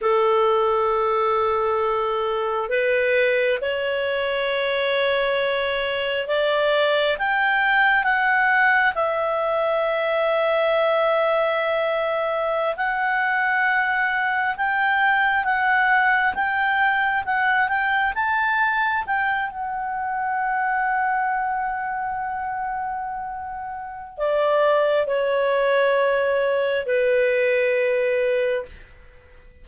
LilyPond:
\new Staff \with { instrumentName = "clarinet" } { \time 4/4 \tempo 4 = 67 a'2. b'4 | cis''2. d''4 | g''4 fis''4 e''2~ | e''2~ e''16 fis''4.~ fis''16~ |
fis''16 g''4 fis''4 g''4 fis''8 g''16~ | g''16 a''4 g''8 fis''2~ fis''16~ | fis''2. d''4 | cis''2 b'2 | }